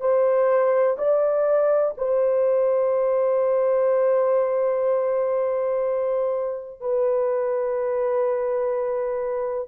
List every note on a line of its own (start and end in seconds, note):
0.00 0.97 C5
0.98 1.94 D5
1.98 6.80 C5
6.80 9.68 B4